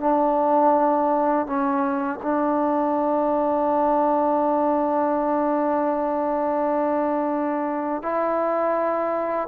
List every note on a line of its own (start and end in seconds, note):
0.00 1.46 D4
1.46 2.20 C#4
2.22 8.02 D4
8.02 9.48 E4